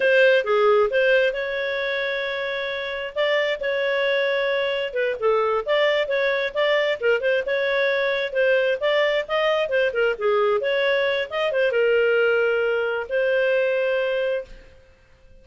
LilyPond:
\new Staff \with { instrumentName = "clarinet" } { \time 4/4 \tempo 4 = 133 c''4 gis'4 c''4 cis''4~ | cis''2. d''4 | cis''2. b'8 a'8~ | a'8 d''4 cis''4 d''4 ais'8 |
c''8 cis''2 c''4 d''8~ | d''8 dis''4 c''8 ais'8 gis'4 cis''8~ | cis''4 dis''8 c''8 ais'2~ | ais'4 c''2. | }